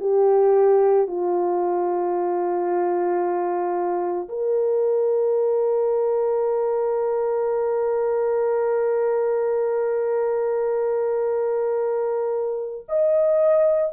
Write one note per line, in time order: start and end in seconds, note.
0.00 1.07 G4
1.07 4.29 F4
4.29 12.86 A#4
12.88 13.93 D#5